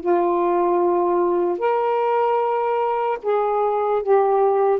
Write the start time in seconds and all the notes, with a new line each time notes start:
0.00 F4
1.59 A#4
3.23 G#4
4.02 G4